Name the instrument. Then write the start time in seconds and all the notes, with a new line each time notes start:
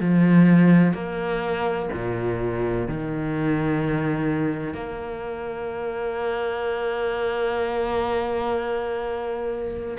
cello
0.00 F3
0.94 A#3
1.93 A#2
2.88 D#3
4.74 A#3